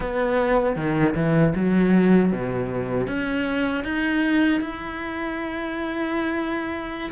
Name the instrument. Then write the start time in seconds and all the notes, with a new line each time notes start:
cello
0.00 B3
0.76 D#3
1.15 E3
1.55 F#3
2.32 B2
3.07 C#4
3.84 D#4
4.60 E4